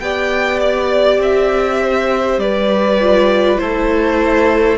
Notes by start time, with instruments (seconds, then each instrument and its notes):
0.00 cello B3, viola G4, violin D5 G5
0.61 violin D5
1.19 cello C4, violin E5
1.82 violin C5
2.38 cello G3, violin B4 D5
3.01 viola F4
3.58 cello A3, viola E4, violin A4 C5